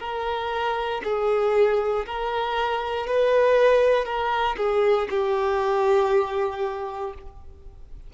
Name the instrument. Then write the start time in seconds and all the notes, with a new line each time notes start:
violin
0.00 A#4
1.04 G#4
2.06 A#4
3.07 B4
4.05 A#4
4.58 G#4
5.10 G4